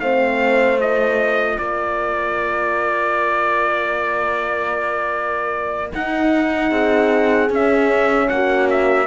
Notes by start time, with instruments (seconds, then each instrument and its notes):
0.00 cello A3, horn C4 C5, trumpet F5
0.81 horn F4, trumpet D#5
1.59 cello A#3, horn A#4, trumpet D5
5.93 horn D#4, cello D#4, trumpet F#5
6.70 cello C4, horn G#4
7.49 horn C#4, cello C#4, trumpet E5
8.29 cello A#3, horn F#4, trumpet F#5
8.70 trumpet E5